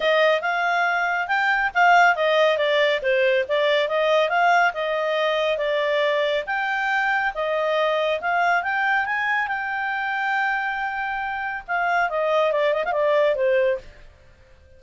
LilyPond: \new Staff \with { instrumentName = "clarinet" } { \time 4/4 \tempo 4 = 139 dis''4 f''2 g''4 | f''4 dis''4 d''4 c''4 | d''4 dis''4 f''4 dis''4~ | dis''4 d''2 g''4~ |
g''4 dis''2 f''4 | g''4 gis''4 g''2~ | g''2. f''4 | dis''4 d''8 dis''16 f''16 d''4 c''4 | }